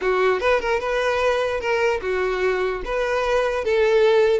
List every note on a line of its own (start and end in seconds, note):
0.01 0.40 F#4
0.40 0.59 B4
0.59 0.80 A#4
0.80 1.60 B4
1.60 2.00 A#4
2.01 2.82 F#4
2.84 3.64 B4
3.64 4.39 A4